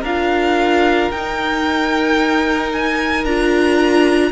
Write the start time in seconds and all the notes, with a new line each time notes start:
0.00 D4 F4 A#4 F5
1.10 D#4 G5
2.72 G#5
3.25 D4 F4 A#5